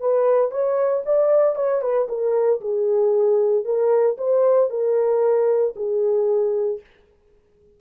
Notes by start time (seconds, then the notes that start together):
0.00 B4
0.51 C#5
1.06 D5
1.56 C#5
1.82 B4
2.09 A#4
2.61 G#4
3.65 A#4
4.18 C5
4.71 A#4
5.77 G#4